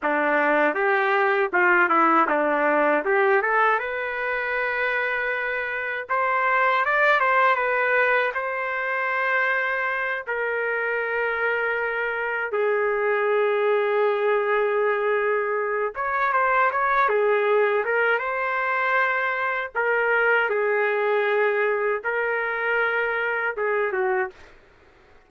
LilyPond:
\new Staff \with { instrumentName = "trumpet" } { \time 4/4 \tempo 4 = 79 d'4 g'4 f'8 e'8 d'4 | g'8 a'8 b'2. | c''4 d''8 c''8 b'4 c''4~ | c''4. ais'2~ ais'8~ |
ais'8 gis'2.~ gis'8~ | gis'4 cis''8 c''8 cis''8 gis'4 ais'8 | c''2 ais'4 gis'4~ | gis'4 ais'2 gis'8 fis'8 | }